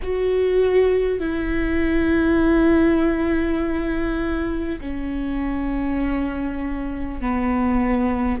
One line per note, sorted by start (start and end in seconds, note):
0.02 1.19 F#4
1.19 4.79 E4
4.80 7.20 C#4
7.21 8.40 B3